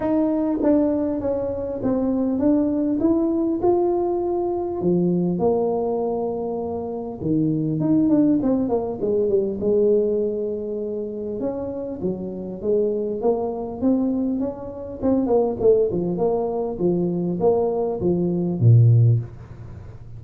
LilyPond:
\new Staff \with { instrumentName = "tuba" } { \time 4/4 \tempo 4 = 100 dis'4 d'4 cis'4 c'4 | d'4 e'4 f'2 | f4 ais2. | dis4 dis'8 d'8 c'8 ais8 gis8 g8 |
gis2. cis'4 | fis4 gis4 ais4 c'4 | cis'4 c'8 ais8 a8 f8 ais4 | f4 ais4 f4 ais,4 | }